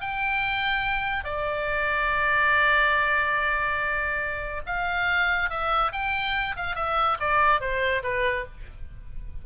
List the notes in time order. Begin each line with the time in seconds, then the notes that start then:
0.00 G5
1.24 D5
4.66 F5
5.49 E5
5.92 G5
6.56 F5
6.75 E5
7.19 D5
7.60 C5
8.03 B4